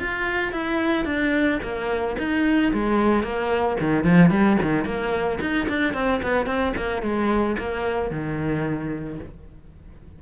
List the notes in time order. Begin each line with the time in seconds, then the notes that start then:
0.00 F4
0.53 E4
1.06 D4
1.63 A#3
2.19 D#4
2.73 G#3
3.24 A#3
3.81 D#3
4.05 F3
4.31 G3
4.63 D#3
4.86 A#3
5.41 D#4
5.69 D4
5.94 C4
6.23 B3
6.47 C4
6.77 A#3
7.03 G#3
7.59 A#3
8.11 D#3